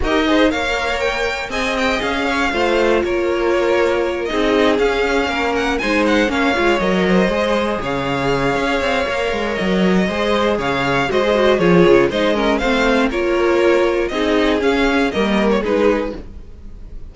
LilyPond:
<<
  \new Staff \with { instrumentName = "violin" } { \time 4/4 \tempo 4 = 119 dis''4 f''4 g''4 gis''8 g''8 | f''2 cis''2~ | cis''8 dis''4 f''4. fis''8 gis''8 | fis''8 f''4 dis''2 f''8~ |
f''2. dis''4~ | dis''4 f''4 dis''4 cis''4 | dis''4 f''4 cis''2 | dis''4 f''4 dis''8. cis''16 b'4 | }
  \new Staff \with { instrumentName = "violin" } { \time 4/4 ais'8 c''8 cis''2 dis''4~ | dis''8 cis''8 c''4 ais'2~ | ais'8 gis'2 ais'4 c''8~ | c''8 cis''4. c''4. cis''8~ |
cis''1 | c''4 cis''4 c''4 gis'4 | c''8 ais'8 c''4 ais'2 | gis'2 ais'4 gis'4 | }
  \new Staff \with { instrumentName = "viola" } { \time 4/4 g'8 gis'8 ais'2 gis'4~ | gis'4 f'2.~ | f'8 dis'4 cis'2 dis'8~ | dis'8 cis'8 f'8 ais'4 gis'4.~ |
gis'2 ais'2 | gis'2 fis'16 gis'16 fis'8 f'4 | dis'8 cis'8 c'4 f'2 | dis'4 cis'4 ais4 dis'4 | }
  \new Staff \with { instrumentName = "cello" } { \time 4/4 dis'4 ais2 c'4 | cis'4 a4 ais2~ | ais8 c'4 cis'4 ais4 gis8~ | gis8 ais8 gis8 fis4 gis4 cis8~ |
cis4 cis'8 c'8 ais8 gis8 fis4 | gis4 cis4 gis4 f8 cis8 | gis4 a4 ais2 | c'4 cis'4 g4 gis4 | }
>>